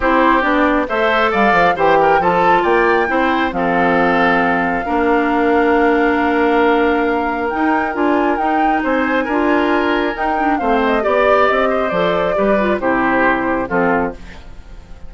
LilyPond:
<<
  \new Staff \with { instrumentName = "flute" } { \time 4/4 \tempo 4 = 136 c''4 d''4 e''4 f''4 | g''4 a''4 g''2 | f''1~ | f''1~ |
f''4 g''4 gis''4 g''4 | gis''2. g''4 | f''8 dis''8 d''4 dis''4 d''4~ | d''4 c''2 a'4 | }
  \new Staff \with { instrumentName = "oboe" } { \time 4/4 g'2 c''4 d''4 | c''8 ais'8 a'4 d''4 c''4 | a'2. ais'4~ | ais'1~ |
ais'1 | c''4 ais'2. | c''4 d''4. c''4. | b'4 g'2 f'4 | }
  \new Staff \with { instrumentName = "clarinet" } { \time 4/4 e'4 d'4 a'2 | g'4 f'2 e'4 | c'2. d'4~ | d'1~ |
d'4 dis'4 f'4 dis'4~ | dis'4 f'2 dis'8 d'8 | c'4 g'2 a'4 | g'8 f'8 e'2 c'4 | }
  \new Staff \with { instrumentName = "bassoon" } { \time 4/4 c'4 b4 a4 g8 f8 | e4 f4 ais4 c'4 | f2. ais4~ | ais1~ |
ais4 dis'4 d'4 dis'4 | c'4 d'2 dis'4 | a4 b4 c'4 f4 | g4 c2 f4 | }
>>